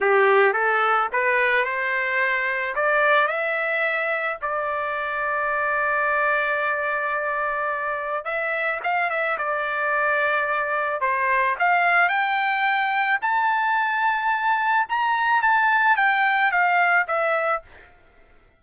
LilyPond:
\new Staff \with { instrumentName = "trumpet" } { \time 4/4 \tempo 4 = 109 g'4 a'4 b'4 c''4~ | c''4 d''4 e''2 | d''1~ | d''2. e''4 |
f''8 e''8 d''2. | c''4 f''4 g''2 | a''2. ais''4 | a''4 g''4 f''4 e''4 | }